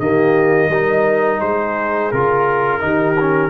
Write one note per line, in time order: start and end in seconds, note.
0.00 0.69 D#3
0.00 0.71 A#3
0.00 0.69 G4
0.00 1.41 D#5
0.69 1.40 G3
0.69 2.14 D#4
0.69 1.40 A#4
1.40 2.12 G#3
1.40 2.81 G#4
1.40 2.12 C5
2.12 2.83 C#3
2.12 2.81 F4
2.12 3.50 A#4
2.81 3.50 D#3
2.81 3.16 D#4
2.81 3.50 G4
3.21 3.50 C#4